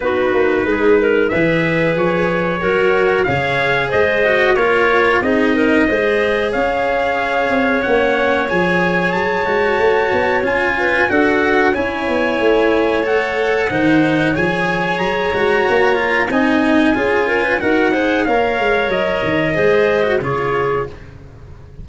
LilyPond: <<
  \new Staff \with { instrumentName = "trumpet" } { \time 4/4 \tempo 4 = 92 b'2 e''4 cis''4~ | cis''4 f''4 dis''4 cis''4 | dis''2 f''2 | fis''4 gis''4 a''2 |
gis''4 fis''4 gis''2 | fis''2 gis''4 ais''4~ | ais''4 gis''2 fis''4 | f''4 dis''2 cis''4 | }
  \new Staff \with { instrumentName = "clarinet" } { \time 4/4 fis'4 gis'8 ais'8 b'2 | ais'4 cis''4 c''4 ais'4 | gis'8 ais'8 c''4 cis''2~ | cis''1~ |
cis''8 b'8 a'4 cis''2~ | cis''4 c''4 cis''2~ | cis''4 dis''4 gis'8 ais'16 b'16 ais'8 c''8 | cis''2 c''4 gis'4 | }
  \new Staff \with { instrumentName = "cello" } { \time 4/4 dis'2 gis'2 | fis'4 gis'4. fis'8 f'4 | dis'4 gis'2. | cis'4 gis'4. fis'4. |
f'4 fis'4 e'2 | a'4 dis'4 gis'4. fis'8~ | fis'8 f'8 dis'4 f'4 fis'8 gis'8 | ais'2 gis'8. fis'16 f'4 | }
  \new Staff \with { instrumentName = "tuba" } { \time 4/4 b8 ais8 gis4 e4 f4 | fis4 cis4 gis4 ais4 | c'4 gis4 cis'4. c'8 | ais4 f4 fis8 gis8 a8 b8 |
cis'4 d'4 cis'8 b8 a4~ | a4 dis4 f4 fis8 gis8 | ais4 c'4 cis'4 dis'4 | ais8 gis8 fis8 dis8 gis4 cis4 | }
>>